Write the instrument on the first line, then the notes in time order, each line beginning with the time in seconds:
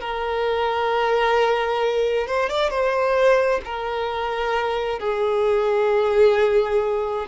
violin
0.00 A#4
2.27 C5
2.49 D5
2.69 C5
3.64 A#4
4.99 G#4